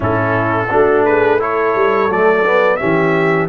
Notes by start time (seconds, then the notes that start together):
0.00 A2 C#4 E4 A4
0.69 A3 D4 F#4
1.05 G#4 B4
1.39 E4 A4 C#5
1.75 G3
2.09 F#3 A3 D5
2.45 B3
2.76 C#4 G4 E5
2.82 E3